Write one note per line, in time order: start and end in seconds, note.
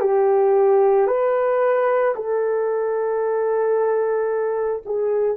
0.00 1.07 G4
1.07 2.14 B4
2.15 4.83 A4
4.86 5.37 G#4